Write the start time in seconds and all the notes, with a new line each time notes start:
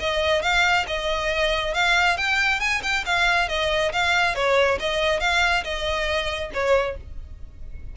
0.00 D#5
0.42 F5
0.87 D#5
1.74 F5
2.17 G5
2.60 G#5
2.83 G5
3.06 F5
3.48 D#5
3.93 F5
4.35 C#5
4.80 D#5
5.20 F5
5.64 D#5
6.54 C#5